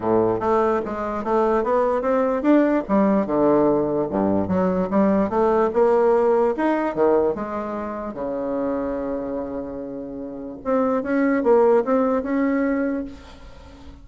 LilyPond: \new Staff \with { instrumentName = "bassoon" } { \time 4/4 \tempo 4 = 147 a,4 a4 gis4 a4 | b4 c'4 d'4 g4 | d2 g,4 fis4 | g4 a4 ais2 |
dis'4 dis4 gis2 | cis1~ | cis2 c'4 cis'4 | ais4 c'4 cis'2 | }